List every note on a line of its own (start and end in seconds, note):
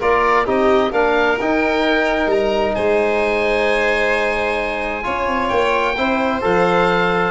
0.00 0.47 A#3
0.00 0.46 F4
0.00 0.46 A#4
0.00 0.48 D5
0.46 0.92 C4
0.46 0.92 D#4
0.46 0.92 G4
0.46 0.93 D#5
0.92 1.38 A#3
0.92 1.38 D4
0.92 2.75 A#4
0.92 1.39 F5
1.40 2.27 D#4
1.40 5.03 D#4
1.40 2.31 G5
2.27 2.73 G3
2.27 2.75 A#5
2.75 5.06 G#3
2.75 5.04 C5
2.75 5.49 G#5
5.03 5.27 C#4
5.03 5.95 F4
5.03 5.96 C#5
5.27 5.50 C4
5.49 5.97 A#3
5.49 6.41 G5
5.97 6.43 C4
5.97 6.41 E4
5.97 7.31 C5
6.41 7.31 F3
6.41 7.31 A4
6.41 7.31 F5